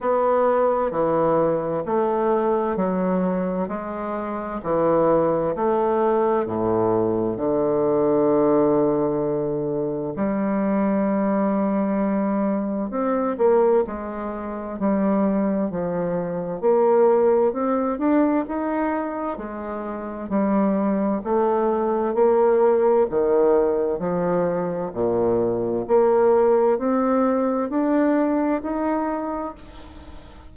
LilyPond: \new Staff \with { instrumentName = "bassoon" } { \time 4/4 \tempo 4 = 65 b4 e4 a4 fis4 | gis4 e4 a4 a,4 | d2. g4~ | g2 c'8 ais8 gis4 |
g4 f4 ais4 c'8 d'8 | dis'4 gis4 g4 a4 | ais4 dis4 f4 ais,4 | ais4 c'4 d'4 dis'4 | }